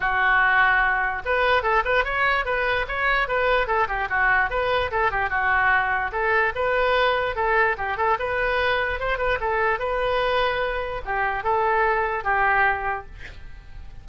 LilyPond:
\new Staff \with { instrumentName = "oboe" } { \time 4/4 \tempo 4 = 147 fis'2. b'4 | a'8 b'8 cis''4 b'4 cis''4 | b'4 a'8 g'8 fis'4 b'4 | a'8 g'8 fis'2 a'4 |
b'2 a'4 g'8 a'8 | b'2 c''8 b'8 a'4 | b'2. g'4 | a'2 g'2 | }